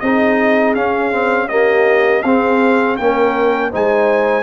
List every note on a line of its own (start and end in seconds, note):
0.00 0.75 C4
0.00 0.76 D#4
0.00 1.50 G#4
0.00 0.74 D#5
0.75 2.23 C#4
0.75 1.12 C#4
0.75 1.49 F5
1.12 1.49 C4
1.49 2.23 A#3
1.49 2.24 G4
1.49 2.22 D#5
2.22 2.98 C4
2.22 3.00 C4
2.22 2.97 G#4
2.22 2.96 F5
2.97 3.73 A#3
2.97 3.72 C#4
2.97 3.71 A#4
2.97 3.71 G5
3.71 4.42 G#3
3.71 4.42 D#4
3.71 4.42 C5
3.71 4.42 G#5